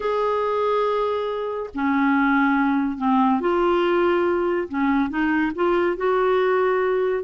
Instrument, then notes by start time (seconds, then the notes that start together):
clarinet
0.00 G#4
1.74 C#4
2.97 C4
3.40 F4
4.68 C#4
5.09 D#4
5.55 F4
5.97 F#4